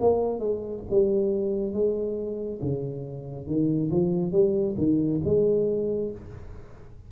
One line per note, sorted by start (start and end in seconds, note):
0.00 0.39 A#3
0.39 0.83 G#3
0.90 1.73 G3
1.73 2.60 G#3
2.62 3.47 C#3
3.47 3.91 D#3
3.91 4.32 F3
4.32 4.75 G3
4.77 5.21 D#3
5.25 6.11 G#3